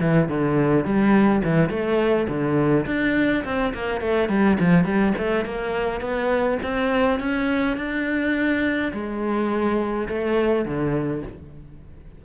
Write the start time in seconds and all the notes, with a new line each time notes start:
0.00 E3
0.28 D3
0.84 G3
1.44 E3
1.69 A3
2.28 D3
2.86 D4
3.44 C4
3.74 A#3
4.00 A3
4.28 G3
4.59 F3
4.84 G3
5.17 A3
5.45 A#3
6.00 B3
6.62 C4
7.19 C#4
7.76 D4
8.92 G#3
10.08 A3
10.65 D3